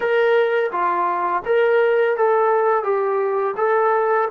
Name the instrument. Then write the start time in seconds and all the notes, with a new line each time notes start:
trombone
0.00 A#4
0.71 F4
1.45 A#4
2.16 A4
2.83 G4
3.56 A4